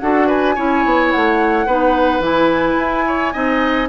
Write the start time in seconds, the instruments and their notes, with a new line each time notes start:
0.00 bassoon D4, clarinet F#4, oboe A4, flute F#5
0.27 oboe B4, flute G#5
0.55 bassoon C#4, clarinet E4, oboe C#5
0.85 bassoon B3
1.11 bassoon A3, flute F#5
1.66 bassoon B3, clarinet D#4, oboe B4
2.20 bassoon E3, clarinet E4, flute G#5
2.79 bassoon E4
3.07 oboe C#5
3.32 bassoon C4, clarinet D#4, oboe D#5